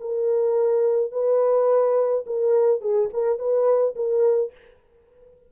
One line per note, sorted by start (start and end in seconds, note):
0.00 1.11 A#4
1.11 2.24 B4
2.26 2.81 A#4
2.81 3.09 G#4
3.13 3.38 A#4
3.38 3.95 B4
3.95 4.52 A#4